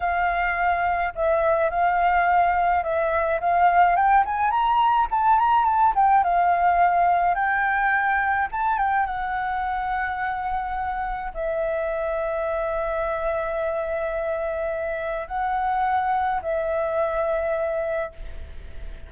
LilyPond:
\new Staff \with { instrumentName = "flute" } { \time 4/4 \tempo 4 = 106 f''2 e''4 f''4~ | f''4 e''4 f''4 g''8 gis''8 | ais''4 a''8 ais''8 a''8 g''8 f''4~ | f''4 g''2 a''8 g''8 |
fis''1 | e''1~ | e''2. fis''4~ | fis''4 e''2. | }